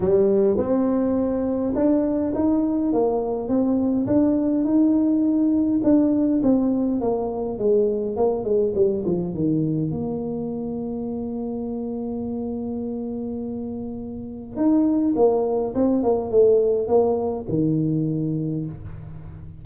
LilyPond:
\new Staff \with { instrumentName = "tuba" } { \time 4/4 \tempo 4 = 103 g4 c'2 d'4 | dis'4 ais4 c'4 d'4 | dis'2 d'4 c'4 | ais4 gis4 ais8 gis8 g8 f8 |
dis4 ais2.~ | ais1~ | ais4 dis'4 ais4 c'8 ais8 | a4 ais4 dis2 | }